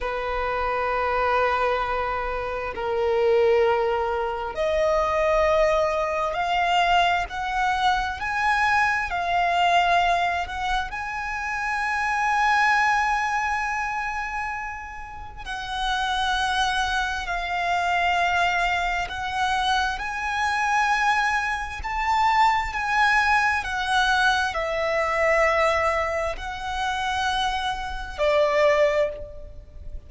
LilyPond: \new Staff \with { instrumentName = "violin" } { \time 4/4 \tempo 4 = 66 b'2. ais'4~ | ais'4 dis''2 f''4 | fis''4 gis''4 f''4. fis''8 | gis''1~ |
gis''4 fis''2 f''4~ | f''4 fis''4 gis''2 | a''4 gis''4 fis''4 e''4~ | e''4 fis''2 d''4 | }